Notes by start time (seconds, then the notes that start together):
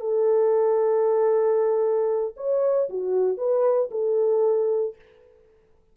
0.00 A4
2.37 C#5
2.89 F#4
3.37 B4
3.91 A4